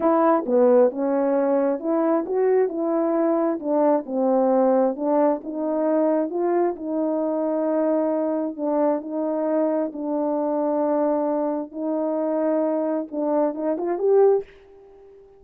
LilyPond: \new Staff \with { instrumentName = "horn" } { \time 4/4 \tempo 4 = 133 e'4 b4 cis'2 | e'4 fis'4 e'2 | d'4 c'2 d'4 | dis'2 f'4 dis'4~ |
dis'2. d'4 | dis'2 d'2~ | d'2 dis'2~ | dis'4 d'4 dis'8 f'8 g'4 | }